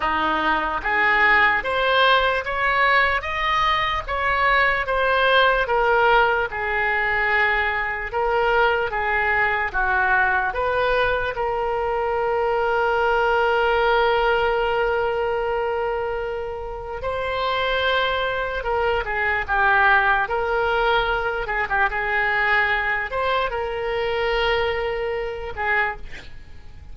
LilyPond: \new Staff \with { instrumentName = "oboe" } { \time 4/4 \tempo 4 = 74 dis'4 gis'4 c''4 cis''4 | dis''4 cis''4 c''4 ais'4 | gis'2 ais'4 gis'4 | fis'4 b'4 ais'2~ |
ais'1~ | ais'4 c''2 ais'8 gis'8 | g'4 ais'4. gis'16 g'16 gis'4~ | gis'8 c''8 ais'2~ ais'8 gis'8 | }